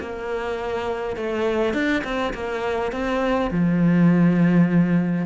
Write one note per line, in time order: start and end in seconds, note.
0.00 1.17 A#3
1.17 1.74 A3
1.74 2.03 D4
2.04 2.33 C4
2.34 2.92 A#3
2.92 3.51 C4
3.51 5.26 F3